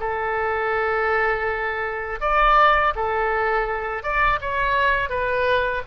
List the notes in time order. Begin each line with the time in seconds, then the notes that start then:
0.00 A4
2.21 D5
2.96 A4
4.03 D5
4.41 C#5
5.10 B4